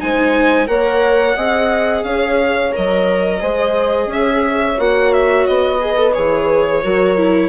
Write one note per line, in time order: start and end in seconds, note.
0.00 0.68 G#3
0.00 0.67 D#4
0.00 0.69 C5
0.00 0.68 G#5
0.67 1.37 A#3
0.67 1.35 A#4
0.67 1.37 C#5
0.67 2.04 F#5
1.37 2.04 C4
1.37 2.73 G#4
1.37 2.05 D#5
2.04 2.72 C#4
2.04 3.40 C#5
2.04 2.72 F5
2.73 3.42 F#3
2.73 3.40 A#4
2.73 4.12 D#5
3.40 4.07 G#3
3.40 4.77 G#4
3.40 4.08 C5
4.07 4.75 C#4
4.07 5.81 C#5
4.07 4.80 E5
4.77 5.47 A#3
4.77 5.80 F#4
4.77 5.13 F#5
5.13 5.47 E5
5.47 6.16 B3
5.47 6.14 D#5
5.81 5.97 G#4
5.81 6.84 B4
5.97 6.14 A4
6.14 6.85 E3
6.14 6.83 G#4
6.14 7.49 C#5
6.84 7.49 F#3
6.84 7.18 F#4
6.84 7.49 A#4
7.18 7.49 E4